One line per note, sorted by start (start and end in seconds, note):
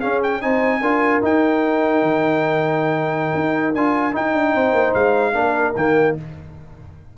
0.00 0.41 C#4
0.00 0.44 C#4
0.00 0.40 G#4
0.00 0.21 F5
0.24 0.42 G5
0.41 0.82 C4
0.41 0.82 D#4
0.41 0.82 C5
0.41 1.22 G#5
0.82 1.22 D4
0.82 1.23 F4
0.82 4.54 A#4
1.23 3.74 D#4
1.23 2.03 D#4
1.23 3.75 G5
2.03 3.34 D#3
3.35 3.75 D#4
3.75 4.16 D4
3.75 4.13 F4
3.75 4.15 G#5
4.13 5.33 D#4
4.13 4.35 D#4
4.13 4.94 G5
4.35 4.55 D4
4.54 4.73 C4
4.54 5.34 C5
4.73 4.93 A#3
4.94 5.35 G#3
4.94 5.75 F5
5.33 5.75 A#3
5.33 5.74 D4
5.33 6.16 A#4
5.76 6.16 D#3
5.76 6.18 A#3
5.76 6.17 G5